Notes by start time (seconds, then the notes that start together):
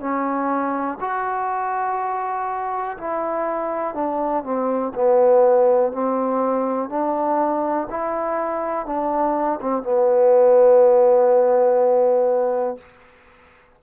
0.00 C#4
1.01 F#4
2.98 E4
3.94 D4
4.44 C4
4.94 B3
5.92 C4
6.89 D4
7.90 E4
8.86 D4
9.61 C4
9.83 B3